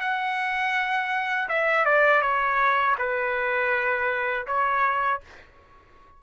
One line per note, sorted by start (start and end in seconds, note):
0.00 1.48 F#5
1.48 1.85 E5
1.85 2.22 D5
2.22 2.96 C#5
2.98 4.46 B4
4.46 5.21 C#5